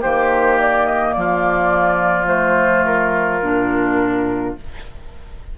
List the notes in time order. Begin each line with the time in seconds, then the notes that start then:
0.00 D#3 A#3 G4 C5
0.60 D5
0.86 D#5
1.12 F3 F4 D5
2.26 A3 C5
2.85 A#4
3.42 A#2 D4